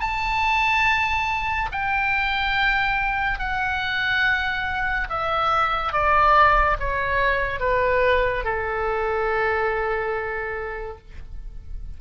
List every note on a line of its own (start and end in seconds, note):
0.00 1.69 A5
1.72 3.39 G5
3.39 5.08 F#5
5.09 5.92 E5
5.92 6.77 D5
6.79 7.59 C#5
7.59 8.44 B4
8.44 10.97 A4